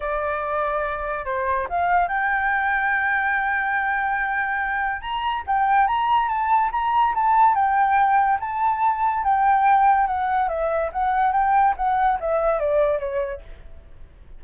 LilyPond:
\new Staff \with { instrumentName = "flute" } { \time 4/4 \tempo 4 = 143 d''2. c''4 | f''4 g''2.~ | g''1 | ais''4 g''4 ais''4 a''4 |
ais''4 a''4 g''2 | a''2 g''2 | fis''4 e''4 fis''4 g''4 | fis''4 e''4 d''4 cis''4 | }